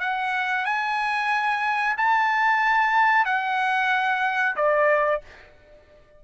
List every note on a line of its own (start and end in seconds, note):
0.00 0.65 F#5
0.65 1.95 G#5
1.97 3.25 A5
3.25 4.55 F#5
4.56 5.21 D5